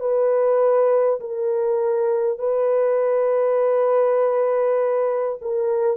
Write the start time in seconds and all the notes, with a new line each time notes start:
0.00 B4
1.20 A#4
2.39 B4
5.42 A#4